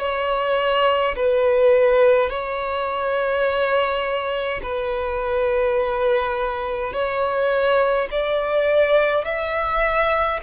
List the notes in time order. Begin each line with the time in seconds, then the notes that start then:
0.00 C#5
1.16 B4
2.30 C#5
4.63 B4
6.93 C#5
8.11 D5
9.25 E5